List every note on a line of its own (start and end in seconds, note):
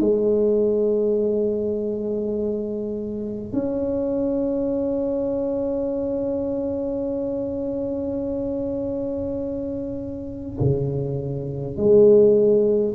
0.00 3.53 G#3
3.53 10.59 C#4
10.60 11.77 C#3
11.77 12.95 G#3